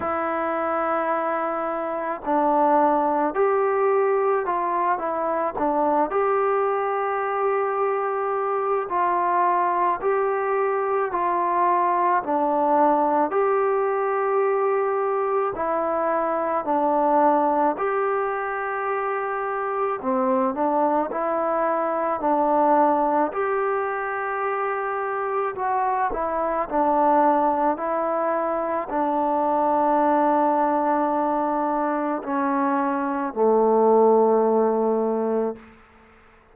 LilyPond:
\new Staff \with { instrumentName = "trombone" } { \time 4/4 \tempo 4 = 54 e'2 d'4 g'4 | f'8 e'8 d'8 g'2~ g'8 | f'4 g'4 f'4 d'4 | g'2 e'4 d'4 |
g'2 c'8 d'8 e'4 | d'4 g'2 fis'8 e'8 | d'4 e'4 d'2~ | d'4 cis'4 a2 | }